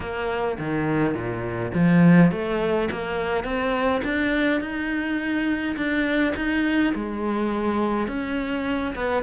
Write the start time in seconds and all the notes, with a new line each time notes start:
0.00 A#3
0.58 D#3
1.14 A#2
1.74 F3
2.31 A3
2.91 A#3
3.44 C4
4.04 D4
4.60 D#4
5.76 D4
6.35 D#4
6.95 G#3
8.07 C#4
8.95 B3